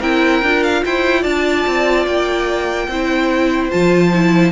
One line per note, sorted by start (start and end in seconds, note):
0.00 0.42 C4
0.00 0.43 E4
0.00 0.82 A#4
0.00 0.64 G5
0.42 0.83 D4
0.42 2.91 F4
0.64 0.84 F5
0.85 1.25 E4
0.85 1.21 C5
0.85 1.24 G5
1.21 1.66 D4
1.21 2.86 D5
1.21 2.06 A5
1.67 2.07 C4
2.07 2.88 A#3
2.07 3.71 G5
2.88 3.70 C4
2.88 3.71 E4
2.88 4.52 C5
3.71 4.52 F3
3.71 4.12 F4
3.71 4.52 A5
4.14 4.52 E4